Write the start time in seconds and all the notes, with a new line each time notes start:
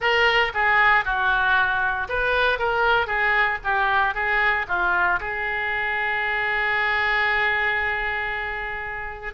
0.00 A#4
0.54 G#4
1.04 F#4
2.09 B4
2.58 A#4
3.07 G#4
3.64 G4
4.14 G#4
4.68 F4
5.20 G#4